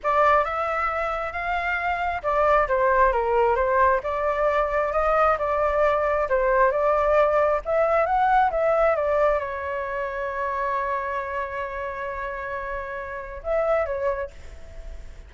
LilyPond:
\new Staff \with { instrumentName = "flute" } { \time 4/4 \tempo 4 = 134 d''4 e''2 f''4~ | f''4 d''4 c''4 ais'4 | c''4 d''2 dis''4 | d''2 c''4 d''4~ |
d''4 e''4 fis''4 e''4 | d''4 cis''2.~ | cis''1~ | cis''2 e''4 cis''4 | }